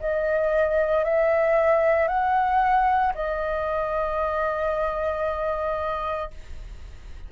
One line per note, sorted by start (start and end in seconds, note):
0.00 1.04 D#5
1.04 2.08 E5
2.08 3.13 F#5
3.14 6.30 D#5